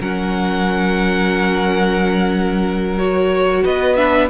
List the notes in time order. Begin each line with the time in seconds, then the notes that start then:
0.00 F#3 C#4 A#4 F#5
2.98 F#4 C#5
3.63 B3 B4 D#5
3.95 D4 E5